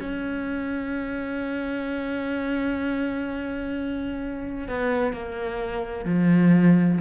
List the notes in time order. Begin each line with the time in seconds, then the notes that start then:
0.00 C#4
4.68 B3
5.13 A#3
6.05 F3